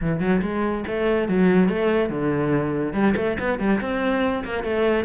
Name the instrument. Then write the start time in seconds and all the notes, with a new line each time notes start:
cello
0.01 E3
0.20 F#3
0.42 G#3
0.87 A3
1.28 F#3
1.68 A3
2.09 D3
2.93 G3
3.16 A3
3.39 B3
3.59 G3
3.80 C4
4.44 A#3
4.63 A3